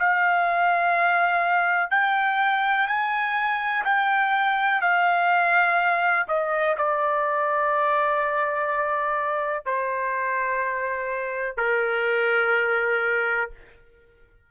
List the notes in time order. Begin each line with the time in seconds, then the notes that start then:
0.00 F5
1.91 G5
2.88 G#5
3.85 G5
4.82 F5
6.28 D#5
6.78 D5
9.66 C5
11.57 A#4